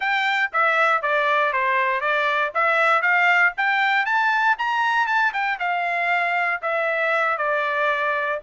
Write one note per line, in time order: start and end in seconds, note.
0.00 0.50 G5
0.52 1.02 E5
1.02 1.53 D5
1.53 2.00 C5
2.00 2.51 D5
2.54 3.02 E5
3.02 3.52 F5
3.57 4.05 G5
4.05 4.56 A5
4.58 5.06 A#5
5.06 5.32 A5
5.33 5.58 G5
5.59 6.61 F5
6.61 7.37 E5
7.37 8.39 D5